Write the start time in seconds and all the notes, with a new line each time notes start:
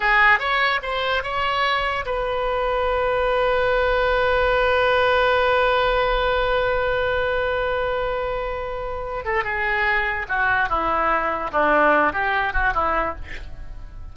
0.00 G#4
0.39 C#5
0.82 C5
1.23 C#5
2.05 B4
9.24 A4
9.44 G#4
10.28 F#4
10.69 E4
11.51 D4
12.12 G4
12.53 F#4
12.74 E4